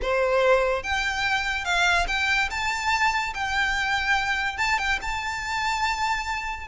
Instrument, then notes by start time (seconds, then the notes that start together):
violin
0.02 C5
0.83 G5
1.64 F5
2.07 G5
2.50 A5
3.34 G5
4.57 A5
4.78 G5
5.01 A5